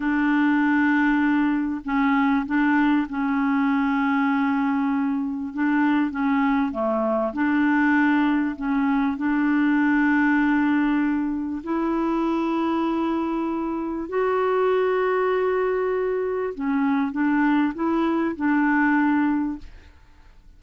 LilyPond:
\new Staff \with { instrumentName = "clarinet" } { \time 4/4 \tempo 4 = 98 d'2. cis'4 | d'4 cis'2.~ | cis'4 d'4 cis'4 a4 | d'2 cis'4 d'4~ |
d'2. e'4~ | e'2. fis'4~ | fis'2. cis'4 | d'4 e'4 d'2 | }